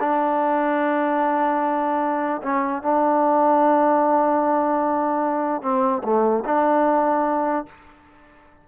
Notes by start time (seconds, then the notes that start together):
0.00 D4
2.43 C#4
2.83 D4
5.62 C4
6.04 A3
6.45 D4